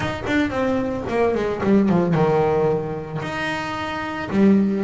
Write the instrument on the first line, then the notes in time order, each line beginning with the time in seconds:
double bass
0.00 D#4
0.27 D4
0.50 C4
1.09 A#3
1.34 G#3
1.63 G3
1.89 F3
2.14 D#3
3.22 D#4
4.30 G3